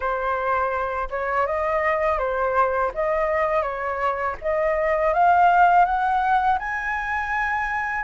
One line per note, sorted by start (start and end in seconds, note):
0.00 1.08 C5
1.10 1.46 C#5
1.46 2.18 D#5
2.18 2.91 C5
2.94 3.62 D#5
3.62 4.35 C#5
4.41 5.13 D#5
5.13 5.85 F5
5.85 6.58 F#5
6.58 8.04 G#5